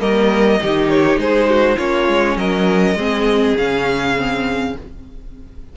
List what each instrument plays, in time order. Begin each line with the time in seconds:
0.00 cello G3, viola A#3, violin A#4 D#5
0.62 cello D#3, viola D#4, violin G4
0.90 violin C#5
1.17 cello G#3, violin G#4 C5
1.50 violin F#4
1.77 cello A#3, viola C#4, violin F4 C#5
2.08 cello G#3
2.37 cello F#3, violin A#4 D#5
2.95 cello G#3, viola C4, violin G#4
3.58 cello C#3, viola C#4, violin F5
4.17 viola C4